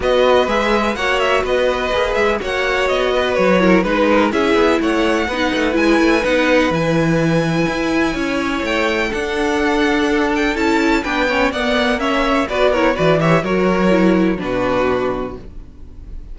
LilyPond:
<<
  \new Staff \with { instrumentName = "violin" } { \time 4/4 \tempo 4 = 125 dis''4 e''4 fis''8 e''8 dis''4~ | dis''8 e''8 fis''4 dis''4 cis''4 | b'4 e''4 fis''2 | gis''4 fis''4 gis''2~ |
gis''2 g''4 fis''4~ | fis''4. g''8 a''4 g''4 | fis''4 e''4 d''8 cis''8 d''8 e''8 | cis''2 b'2 | }
  \new Staff \with { instrumentName = "violin" } { \time 4/4 b'2 cis''4 b'4~ | b'4 cis''4. b'4 ais'8 | b'8 ais'8 gis'4 cis''4 b'4~ | b'1~ |
b'4 cis''2 a'4~ | a'2. b'8 cis''8 | d''4 cis''4 b'8 ais'8 b'8 cis''8 | ais'2 fis'2 | }
  \new Staff \with { instrumentName = "viola" } { \time 4/4 fis'4 gis'4 fis'2 | gis'4 fis'2~ fis'8 e'8 | dis'4 e'2 dis'4 | e'4 dis'4 e'2~ |
e'2. d'4~ | d'2 e'4 d'8 cis'8 | b4 cis'4 fis'8 e'8 fis'8 g'8 | fis'4 e'4 d'2 | }
  \new Staff \with { instrumentName = "cello" } { \time 4/4 b4 gis4 ais4 b4 | ais8 gis8 ais4 b4 fis4 | gis4 cis'8 b8 a4 b8 a8 | gis8 a8 b4 e2 |
e'4 cis'4 a4 d'4~ | d'2 cis'4 b4 | ais2 b4 e4 | fis2 b,2 | }
>>